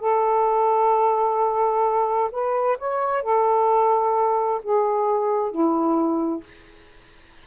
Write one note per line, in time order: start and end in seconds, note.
0.00 2.31 A4
2.32 2.78 B4
2.79 3.23 C#5
3.23 4.62 A4
4.63 5.52 G#4
5.52 6.44 E4